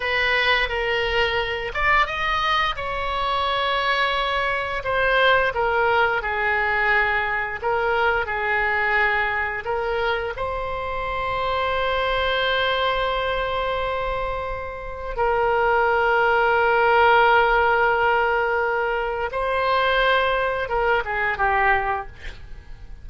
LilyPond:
\new Staff \with { instrumentName = "oboe" } { \time 4/4 \tempo 4 = 87 b'4 ais'4. d''8 dis''4 | cis''2. c''4 | ais'4 gis'2 ais'4 | gis'2 ais'4 c''4~ |
c''1~ | c''2 ais'2~ | ais'1 | c''2 ais'8 gis'8 g'4 | }